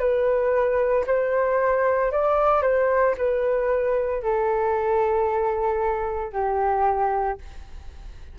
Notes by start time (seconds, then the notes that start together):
0.00 B4
1.07 C5
2.12 D5
2.63 C5
3.18 B4
4.23 A4
6.33 G4